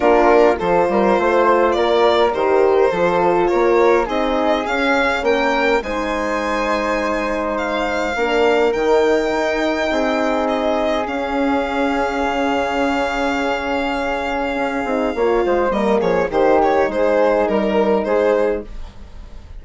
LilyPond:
<<
  \new Staff \with { instrumentName = "violin" } { \time 4/4 \tempo 4 = 103 ais'4 c''2 d''4 | c''2 cis''4 dis''4 | f''4 g''4 gis''2~ | gis''4 f''2 g''4~ |
g''2 dis''4 f''4~ | f''1~ | f''2. dis''8 cis''8 | c''8 cis''8 c''4 ais'4 c''4 | }
  \new Staff \with { instrumentName = "flute" } { \time 4/4 f'4 a'8 ais'8 c''4 ais'4~ | ais'4 a'4 ais'4 gis'4~ | gis'4 ais'4 c''2~ | c''2 ais'2~ |
ais'4 gis'2.~ | gis'1~ | gis'2 cis''8 c''8 ais'8 gis'8 | g'4 gis'4 ais'4 gis'4 | }
  \new Staff \with { instrumentName = "horn" } { \time 4/4 d'4 f'2. | g'4 f'2 dis'4 | cis'2 dis'2~ | dis'2 d'4 dis'4~ |
dis'2. cis'4~ | cis'1~ | cis'4. dis'8 f'4 ais4 | dis'1 | }
  \new Staff \with { instrumentName = "bassoon" } { \time 4/4 ais4 f8 g8 a4 ais4 | dis4 f4 ais4 c'4 | cis'4 ais4 gis2~ | gis2 ais4 dis4 |
dis'4 c'2 cis'4~ | cis'4 cis2.~ | cis4 cis'8 c'8 ais8 gis8 g8 f8 | dis4 gis4 g4 gis4 | }
>>